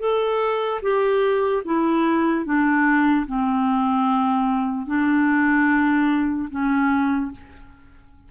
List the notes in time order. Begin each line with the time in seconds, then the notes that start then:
0.00 A4
0.82 G4
1.65 E4
2.45 D4
3.27 C4
4.87 D4
6.50 C#4